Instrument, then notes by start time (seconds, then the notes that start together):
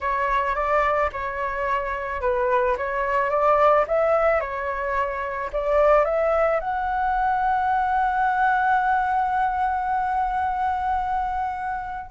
flute
0.00 C#5
0.55 D5
1.12 C#5
2.21 B4
2.77 C#5
3.30 D5
3.87 E5
4.40 C#5
5.52 D5
6.05 E5
6.60 F#5